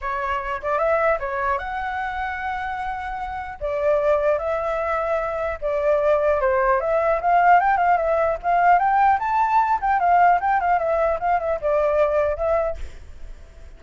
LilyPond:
\new Staff \with { instrumentName = "flute" } { \time 4/4 \tempo 4 = 150 cis''4. d''8 e''4 cis''4 | fis''1~ | fis''4 d''2 e''4~ | e''2 d''2 |
c''4 e''4 f''4 g''8 f''8 | e''4 f''4 g''4 a''4~ | a''8 g''8 f''4 g''8 f''8 e''4 | f''8 e''8 d''2 e''4 | }